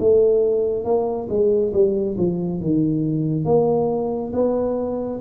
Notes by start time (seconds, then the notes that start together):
0.00 A3
0.85 A#3
1.30 G#3
1.74 G3
2.18 F3
2.61 D#3
3.45 A#3
4.33 B3